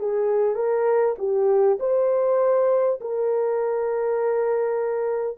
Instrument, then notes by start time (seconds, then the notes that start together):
horn
0.00 G#4
0.56 A#4
1.19 G4
1.80 C5
3.02 A#4